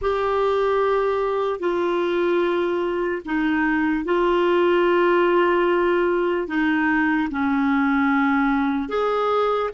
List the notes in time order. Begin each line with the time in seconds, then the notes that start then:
0.01 G4
1.59 F4
3.25 D#4
4.04 F4
6.47 D#4
7.30 C#4
8.88 G#4